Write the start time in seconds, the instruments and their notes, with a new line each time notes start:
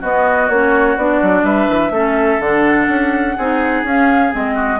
0.00 bassoon B3, clarinet B3, oboe F#4, flute D#5
0.49 bassoon A#3, clarinet C#4, flute C#5
0.96 bassoon B3, clarinet D4, flute D5
1.22 bassoon F#3
1.43 bassoon G3, oboe B4, flute E5
1.69 bassoon E3
1.90 bassoon A3, clarinet C#4, oboe A4
2.39 bassoon D3, clarinet D4, flute F#5
2.88 bassoon C#4
3.37 bassoon C4, clarinet D#4, oboe G#4
3.83 bassoon C#4, clarinet C#4, flute F5
4.30 bassoon G#3, clarinet C4, flute D#5
4.55 oboe F#4